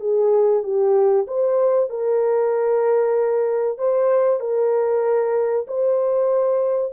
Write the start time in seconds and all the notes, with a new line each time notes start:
0.00 G#4
0.63 G4
1.27 C5
1.89 A#4
3.78 C5
4.40 A#4
5.67 C5